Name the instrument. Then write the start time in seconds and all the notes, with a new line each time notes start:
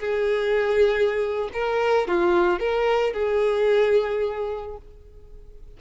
violin
0.00 G#4
1.53 A#4
2.08 F4
2.60 A#4
3.14 G#4